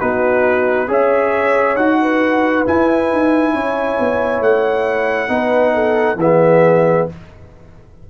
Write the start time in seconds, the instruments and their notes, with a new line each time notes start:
0.00 tuba B3, trombone D#4, horn F#4, trumpet B4
0.88 tuba C#4, trombone G#4, horn C#5, trumpet E5
1.76 tuba D#4, trombone F#4, trumpet F#5
2.02 horn B4
2.65 trombone E4, tuba E4, trumpet G#5
3.12 tuba D#4
3.54 tuba C#4, horn C#5
4.00 tuba B3
4.41 tuba A3, trumpet F#5
5.28 tuba B3, trombone D#4, horn B4
5.75 horn A4
6.16 tuba E3, trombone B3, horn G#4, trumpet E5